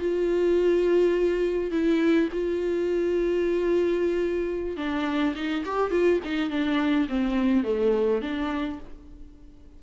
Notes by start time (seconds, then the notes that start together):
0.00 F4
1.71 E4
2.33 F4
4.77 D4
5.35 D#4
5.66 G4
5.91 F4
6.25 D#4
6.50 D4
7.09 C4
7.64 A3
8.22 D4